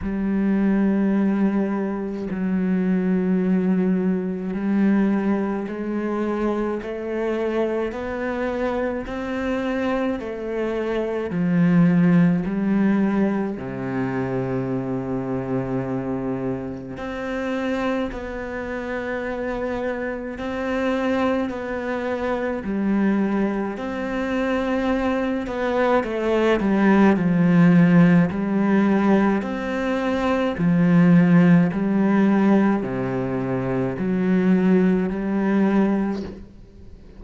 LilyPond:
\new Staff \with { instrumentName = "cello" } { \time 4/4 \tempo 4 = 53 g2 fis2 | g4 gis4 a4 b4 | c'4 a4 f4 g4 | c2. c'4 |
b2 c'4 b4 | g4 c'4. b8 a8 g8 | f4 g4 c'4 f4 | g4 c4 fis4 g4 | }